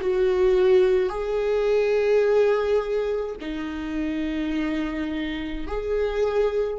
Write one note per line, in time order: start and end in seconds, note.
0.00 1.09 F#4
1.09 3.36 G#4
3.40 5.67 D#4
5.67 6.79 G#4